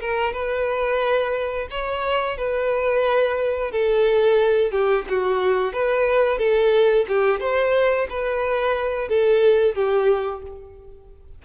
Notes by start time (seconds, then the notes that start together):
0.00 A#4
0.33 B4
1.70 C#5
2.37 B4
3.71 A4
4.71 G4
5.09 F#4
5.73 B4
6.38 A4
7.08 G4
7.40 C5
8.10 B4
9.08 A4
9.75 G4